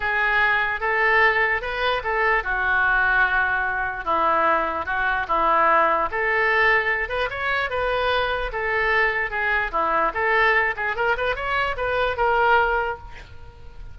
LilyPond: \new Staff \with { instrumentName = "oboe" } { \time 4/4 \tempo 4 = 148 gis'2 a'2 | b'4 a'4 fis'2~ | fis'2 e'2 | fis'4 e'2 a'4~ |
a'4. b'8 cis''4 b'4~ | b'4 a'2 gis'4 | e'4 a'4. gis'8 ais'8 b'8 | cis''4 b'4 ais'2 | }